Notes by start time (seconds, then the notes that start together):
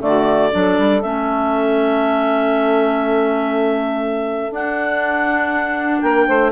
0.00 D3 A3 F#4 D5
0.51 F#3 D4 A4
0.78 G3
1.02 A3 C#4 E5
4.50 D4 F#5
6.00 A#3 A#4 G5
6.27 A3 C5